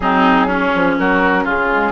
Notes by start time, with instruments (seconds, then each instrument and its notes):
0.00 bassoon F#3, clarinet C4, oboe D#4, flute G#4
0.46 oboe C#4, clarinet C#4
0.74 bassoon F3
0.97 bassoon F#3, oboe F#4, flute A#4
1.43 bassoon C#3, oboe F4, flute G#4
1.71 clarinet G#3